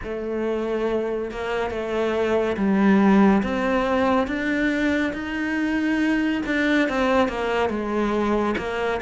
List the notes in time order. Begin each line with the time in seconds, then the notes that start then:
0.04 A3
1.31 A#3
1.70 A3
2.56 G3
3.42 C4
4.27 D4
5.13 D#4
6.46 D4
6.88 C4
7.28 A#3
7.69 G#3
8.57 A#3